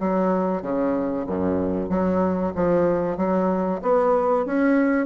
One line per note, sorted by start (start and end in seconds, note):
0.00 0.62 F#3
0.62 1.26 C#3
1.27 1.89 F#2
1.89 2.53 F#3
2.56 3.17 F3
3.17 3.81 F#3
3.82 4.46 B3
4.46 5.07 C#4